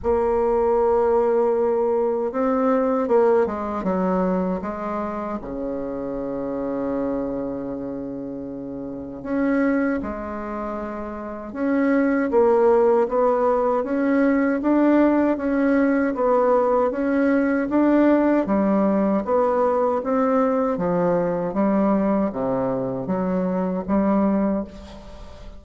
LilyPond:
\new Staff \with { instrumentName = "bassoon" } { \time 4/4 \tempo 4 = 78 ais2. c'4 | ais8 gis8 fis4 gis4 cis4~ | cis1 | cis'4 gis2 cis'4 |
ais4 b4 cis'4 d'4 | cis'4 b4 cis'4 d'4 | g4 b4 c'4 f4 | g4 c4 fis4 g4 | }